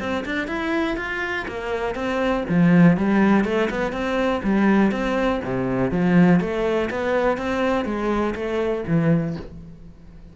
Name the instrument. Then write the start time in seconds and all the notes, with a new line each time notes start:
cello
0.00 C4
0.26 D4
0.48 E4
0.97 F4
1.48 A#3
1.95 C4
2.49 F3
2.98 G3
3.45 A3
3.70 B3
3.93 C4
4.44 G3
4.92 C4
5.45 C3
5.92 F3
6.41 A3
6.91 B3
7.38 C4
7.86 G#3
8.35 A3
8.87 E3